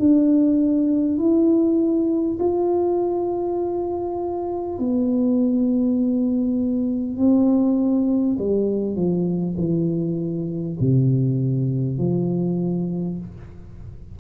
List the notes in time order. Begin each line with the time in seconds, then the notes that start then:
0.00 D4
1.19 E4
2.39 F4
4.79 B3
7.17 C4
8.39 G3
8.96 F3
9.58 E3
10.81 C3
11.99 F3